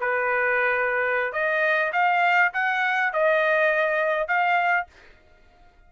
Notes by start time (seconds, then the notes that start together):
0.00 B4
1.32 D#5
1.93 F5
2.53 F#5
3.13 D#5
4.27 F5